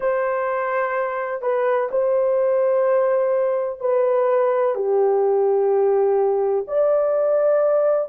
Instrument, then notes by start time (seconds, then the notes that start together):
horn
0.00 C5
1.41 B4
1.90 C5
3.80 B4
4.74 G4
6.67 D5